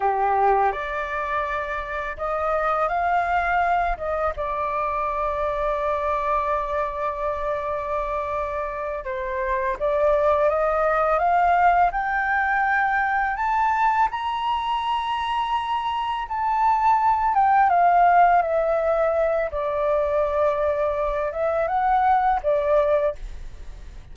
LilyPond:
\new Staff \with { instrumentName = "flute" } { \time 4/4 \tempo 4 = 83 g'4 d''2 dis''4 | f''4. dis''8 d''2~ | d''1~ | d''8 c''4 d''4 dis''4 f''8~ |
f''8 g''2 a''4 ais''8~ | ais''2~ ais''8 a''4. | g''8 f''4 e''4. d''4~ | d''4. e''8 fis''4 d''4 | }